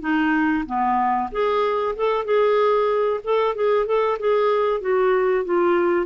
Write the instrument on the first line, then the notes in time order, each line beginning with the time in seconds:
clarinet
0.00 D#4
0.66 B3
1.31 G#4
1.95 A4
2.24 G#4
3.24 A4
3.55 G#4
3.86 A4
4.19 G#4
4.80 F#4
5.44 F4